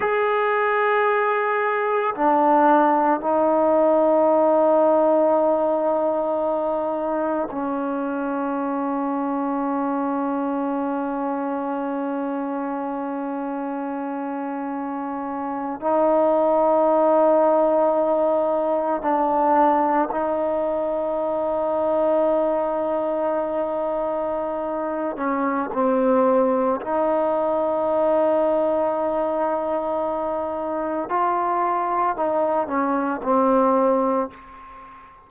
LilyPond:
\new Staff \with { instrumentName = "trombone" } { \time 4/4 \tempo 4 = 56 gis'2 d'4 dis'4~ | dis'2. cis'4~ | cis'1~ | cis'2~ cis'8. dis'4~ dis'16~ |
dis'4.~ dis'16 d'4 dis'4~ dis'16~ | dis'2.~ dis'8 cis'8 | c'4 dis'2.~ | dis'4 f'4 dis'8 cis'8 c'4 | }